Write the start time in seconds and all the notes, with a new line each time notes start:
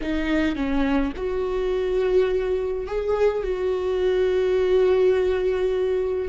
0.01 D#4
0.55 C#4
1.16 F#4
2.86 G#4
3.43 F#4